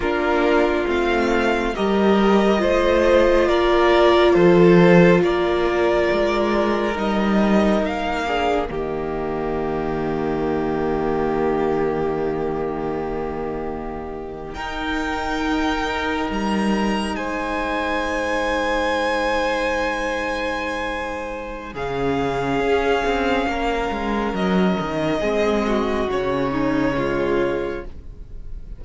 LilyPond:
<<
  \new Staff \with { instrumentName = "violin" } { \time 4/4 \tempo 4 = 69 ais'4 f''4 dis''2 | d''4 c''4 d''2 | dis''4 f''4 dis''2~ | dis''1~ |
dis''8. g''2 ais''4 gis''16~ | gis''1~ | gis''4 f''2. | dis''2 cis''2 | }
  \new Staff \with { instrumentName = "violin" } { \time 4/4 f'2 ais'4 c''4 | ais'4 a'4 ais'2~ | ais'4. gis'8 g'2~ | g'1~ |
g'8. ais'2. c''16~ | c''1~ | c''4 gis'2 ais'4~ | ais'4 gis'8 fis'4 dis'8 f'4 | }
  \new Staff \with { instrumentName = "viola" } { \time 4/4 d'4 c'4 g'4 f'4~ | f'1 | dis'4. d'8 ais2~ | ais1~ |
ais8. dis'2.~ dis'16~ | dis'1~ | dis'4 cis'2.~ | cis'4 c'4 cis'4 gis4 | }
  \new Staff \with { instrumentName = "cello" } { \time 4/4 ais4 a4 g4 a4 | ais4 f4 ais4 gis4 | g4 ais4 dis2~ | dis1~ |
dis8. dis'2 g4 gis16~ | gis1~ | gis4 cis4 cis'8 c'8 ais8 gis8 | fis8 dis8 gis4 cis2 | }
>>